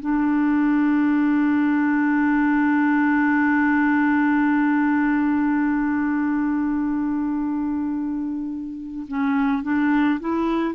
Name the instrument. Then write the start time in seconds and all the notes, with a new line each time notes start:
clarinet
0.00 D4
9.08 C#4
9.63 D4
10.20 E4